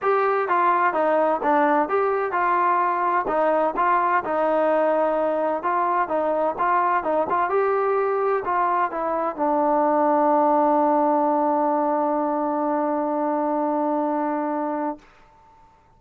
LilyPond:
\new Staff \with { instrumentName = "trombone" } { \time 4/4 \tempo 4 = 128 g'4 f'4 dis'4 d'4 | g'4 f'2 dis'4 | f'4 dis'2. | f'4 dis'4 f'4 dis'8 f'8 |
g'2 f'4 e'4 | d'1~ | d'1~ | d'1 | }